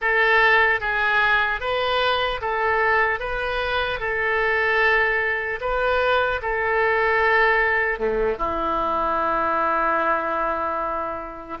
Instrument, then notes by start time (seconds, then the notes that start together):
oboe
0.01 A4
0.80 G#4
1.60 B4
2.41 A4
3.19 B4
3.99 A4
5.60 B4
6.42 A4
7.99 A3
8.38 E4